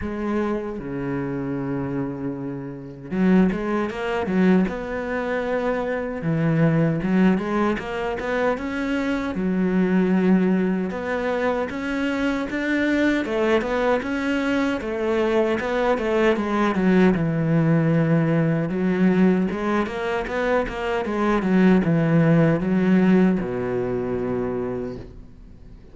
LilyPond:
\new Staff \with { instrumentName = "cello" } { \time 4/4 \tempo 4 = 77 gis4 cis2. | fis8 gis8 ais8 fis8 b2 | e4 fis8 gis8 ais8 b8 cis'4 | fis2 b4 cis'4 |
d'4 a8 b8 cis'4 a4 | b8 a8 gis8 fis8 e2 | fis4 gis8 ais8 b8 ais8 gis8 fis8 | e4 fis4 b,2 | }